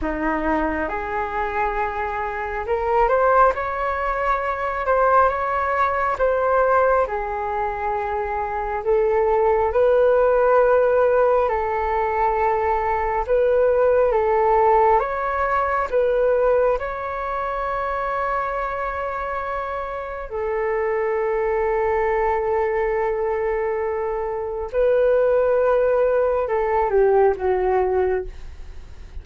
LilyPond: \new Staff \with { instrumentName = "flute" } { \time 4/4 \tempo 4 = 68 dis'4 gis'2 ais'8 c''8 | cis''4. c''8 cis''4 c''4 | gis'2 a'4 b'4~ | b'4 a'2 b'4 |
a'4 cis''4 b'4 cis''4~ | cis''2. a'4~ | a'1 | b'2 a'8 g'8 fis'4 | }